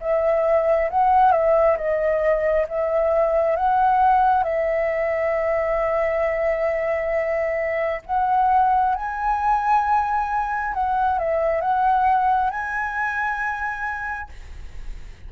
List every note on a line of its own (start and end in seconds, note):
0.00 0.90 E5
0.90 1.31 F#5
1.31 1.76 E5
1.77 2.67 D#5
2.68 3.56 E5
3.56 4.43 F#5
4.43 8.01 E5
8.06 8.95 F#5
8.95 10.73 G#5
10.73 11.18 F#5
11.19 11.61 E5
11.61 12.50 F#5
12.50 14.29 G#5